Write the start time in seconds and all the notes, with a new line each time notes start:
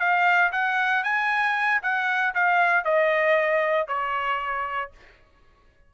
0.00 F5
0.52 F#5
1.04 G#5
1.83 F#5
2.35 F5
2.85 D#5
3.88 C#5